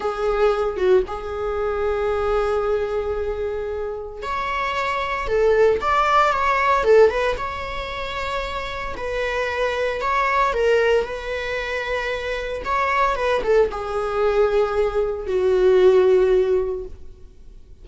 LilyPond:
\new Staff \with { instrumentName = "viola" } { \time 4/4 \tempo 4 = 114 gis'4. fis'8 gis'2~ | gis'1 | cis''2 a'4 d''4 | cis''4 a'8 b'8 cis''2~ |
cis''4 b'2 cis''4 | ais'4 b'2. | cis''4 b'8 a'8 gis'2~ | gis'4 fis'2. | }